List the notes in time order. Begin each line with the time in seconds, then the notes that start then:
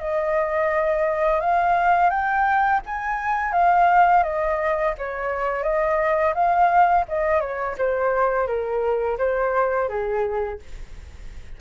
0.00 D#5
1.41 F5
2.10 G5
2.86 G#5
3.53 F5
4.24 D#5
4.98 C#5
5.63 D#5
6.34 F5
7.08 D#5
7.41 C#5
7.78 C5
8.47 A#4
9.18 C5
9.89 G#4